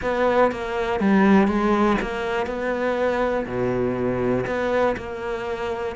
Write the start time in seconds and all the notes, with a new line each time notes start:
0.02 B3
0.51 A#3
1.00 G3
1.47 G#3
2.01 A#3
2.46 B3
3.46 B2
4.46 B3
4.96 A#3